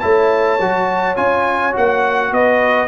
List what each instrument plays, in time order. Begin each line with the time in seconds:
0.00 tuba A3, trombone E4, horn C#5, trumpet A5
0.59 tuba F#3, trombone F#4
1.16 tuba C#4, trombone F4, trumpet G#5
1.72 tuba A#3, trombone F#4, trumpet F#5
2.32 tuba B3, horn B4, trumpet D#5